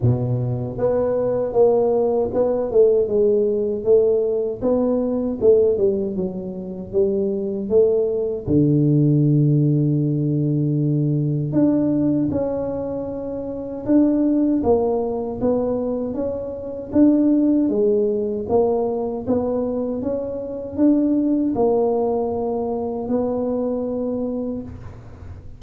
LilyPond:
\new Staff \with { instrumentName = "tuba" } { \time 4/4 \tempo 4 = 78 b,4 b4 ais4 b8 a8 | gis4 a4 b4 a8 g8 | fis4 g4 a4 d4~ | d2. d'4 |
cis'2 d'4 ais4 | b4 cis'4 d'4 gis4 | ais4 b4 cis'4 d'4 | ais2 b2 | }